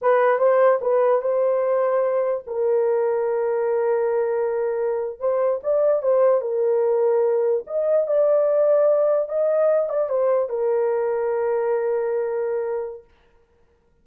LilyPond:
\new Staff \with { instrumentName = "horn" } { \time 4/4 \tempo 4 = 147 b'4 c''4 b'4 c''4~ | c''2 ais'2~ | ais'1~ | ais'8. c''4 d''4 c''4 ais'16~ |
ais'2~ ais'8. dis''4 d''16~ | d''2~ d''8. dis''4~ dis''16~ | dis''16 d''8 c''4 ais'2~ ais'16~ | ais'1 | }